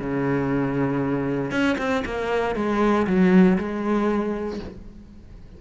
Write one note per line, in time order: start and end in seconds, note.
0.00 1.51 C#3
1.51 1.77 C#4
1.78 2.04 C4
2.05 2.56 A#3
2.56 3.06 G#3
3.07 3.58 F#3
3.58 4.59 G#3